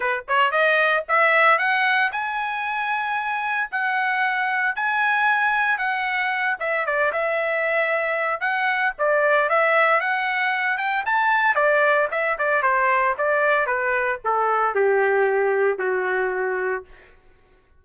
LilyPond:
\new Staff \with { instrumentName = "trumpet" } { \time 4/4 \tempo 4 = 114 b'8 cis''8 dis''4 e''4 fis''4 | gis''2. fis''4~ | fis''4 gis''2 fis''4~ | fis''8 e''8 d''8 e''2~ e''8 |
fis''4 d''4 e''4 fis''4~ | fis''8 g''8 a''4 d''4 e''8 d''8 | c''4 d''4 b'4 a'4 | g'2 fis'2 | }